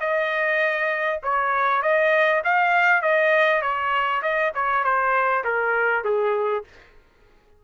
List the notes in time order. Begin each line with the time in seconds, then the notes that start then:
0.00 D#5
1.23 C#5
1.82 D#5
2.44 F5
3.01 D#5
3.61 C#5
4.22 D#5
4.54 C#5
4.83 C5
5.44 A#4
6.04 G#4